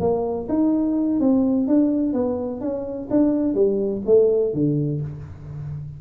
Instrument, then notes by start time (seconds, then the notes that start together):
tuba
0.00 A#3
0.49 D#4
1.20 C4
1.68 D4
2.13 B3
2.61 C#4
3.10 D4
3.54 G3
4.06 A3
4.54 D3